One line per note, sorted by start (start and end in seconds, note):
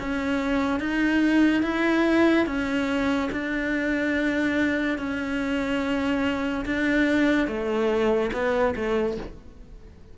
0.00 0.80 C#4
0.80 1.63 D#4
1.63 2.46 E4
2.46 3.30 C#4
3.32 4.98 D4
4.98 6.65 C#4
6.66 7.48 D4
7.48 8.31 A3
8.33 8.75 B3
8.76 9.18 A3